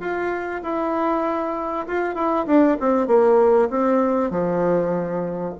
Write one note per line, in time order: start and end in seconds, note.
0.00 0.62 F4
0.63 1.86 E4
1.87 2.15 F4
2.15 2.46 E4
2.46 2.77 D4
2.80 3.08 C4
3.08 3.69 A#3
3.70 4.30 C4
4.30 5.54 F3